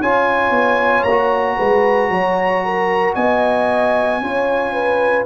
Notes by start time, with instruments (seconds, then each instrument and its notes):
0.00 tuba C#4, trombone F4, horn C#5, trumpet G#5
0.51 tuba B3
1.03 tuba A#3, trumpet A#5
1.10 trombone F#4
1.57 tuba G#3, horn B4
2.10 tuba F#3, horn C#5
2.65 horn A#4
3.15 tuba B3, horn D#5, trumpet G#5
4.21 tuba C#4, trombone F4, horn C#5
4.73 horn B4